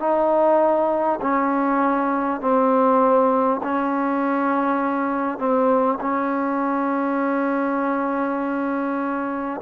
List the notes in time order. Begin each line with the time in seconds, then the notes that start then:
0.00 D#4
1.22 C#4
2.41 C4
3.63 C#4
5.38 C4
6.01 C#4